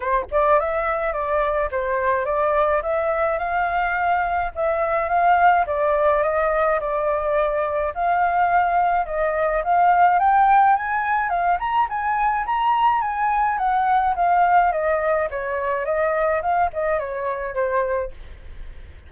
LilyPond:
\new Staff \with { instrumentName = "flute" } { \time 4/4 \tempo 4 = 106 c''8 d''8 e''4 d''4 c''4 | d''4 e''4 f''2 | e''4 f''4 d''4 dis''4 | d''2 f''2 |
dis''4 f''4 g''4 gis''4 | f''8 ais''8 gis''4 ais''4 gis''4 | fis''4 f''4 dis''4 cis''4 | dis''4 f''8 dis''8 cis''4 c''4 | }